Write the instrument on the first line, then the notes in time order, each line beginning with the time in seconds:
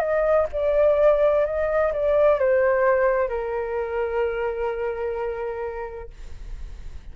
flute
0.00 D#5
0.53 D5
1.46 D#5
1.93 D5
2.39 C5
3.29 A#4